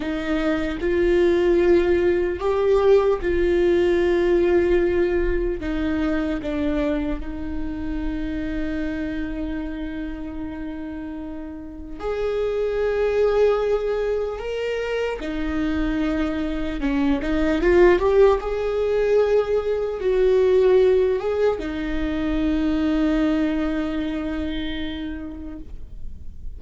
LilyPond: \new Staff \with { instrumentName = "viola" } { \time 4/4 \tempo 4 = 75 dis'4 f'2 g'4 | f'2. dis'4 | d'4 dis'2.~ | dis'2. gis'4~ |
gis'2 ais'4 dis'4~ | dis'4 cis'8 dis'8 f'8 g'8 gis'4~ | gis'4 fis'4. gis'8 dis'4~ | dis'1 | }